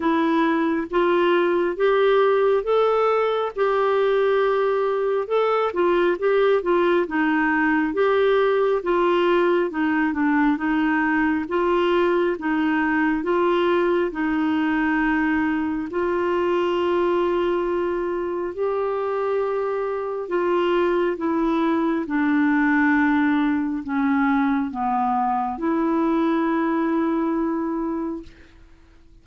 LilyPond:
\new Staff \with { instrumentName = "clarinet" } { \time 4/4 \tempo 4 = 68 e'4 f'4 g'4 a'4 | g'2 a'8 f'8 g'8 f'8 | dis'4 g'4 f'4 dis'8 d'8 | dis'4 f'4 dis'4 f'4 |
dis'2 f'2~ | f'4 g'2 f'4 | e'4 d'2 cis'4 | b4 e'2. | }